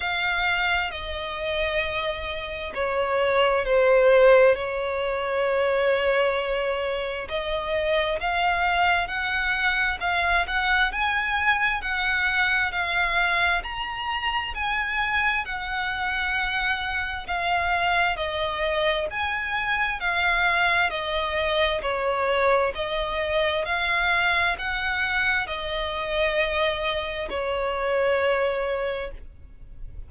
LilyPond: \new Staff \with { instrumentName = "violin" } { \time 4/4 \tempo 4 = 66 f''4 dis''2 cis''4 | c''4 cis''2. | dis''4 f''4 fis''4 f''8 fis''8 | gis''4 fis''4 f''4 ais''4 |
gis''4 fis''2 f''4 | dis''4 gis''4 f''4 dis''4 | cis''4 dis''4 f''4 fis''4 | dis''2 cis''2 | }